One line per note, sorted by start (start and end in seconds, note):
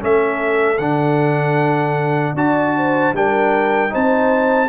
0.00 0.79 A3
0.00 0.78 C#4
0.00 2.36 A4
0.00 0.78 E5
0.78 2.35 D3
0.78 2.37 D4
0.78 2.34 F#5
2.35 3.12 D4
2.35 3.14 F#4
2.35 2.75 D5
2.35 3.15 A5
2.77 3.15 C5
3.13 3.91 G3
3.13 3.90 D4
3.13 3.92 A#4
3.13 3.94 G5
3.90 4.69 C4
3.90 4.68 D#4
3.90 4.69 C5
3.90 4.69 A5